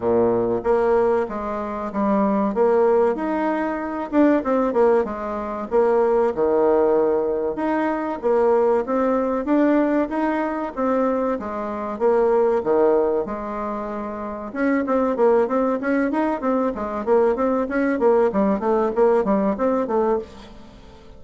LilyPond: \new Staff \with { instrumentName = "bassoon" } { \time 4/4 \tempo 4 = 95 ais,4 ais4 gis4 g4 | ais4 dis'4. d'8 c'8 ais8 | gis4 ais4 dis2 | dis'4 ais4 c'4 d'4 |
dis'4 c'4 gis4 ais4 | dis4 gis2 cis'8 c'8 | ais8 c'8 cis'8 dis'8 c'8 gis8 ais8 c'8 | cis'8 ais8 g8 a8 ais8 g8 c'8 a8 | }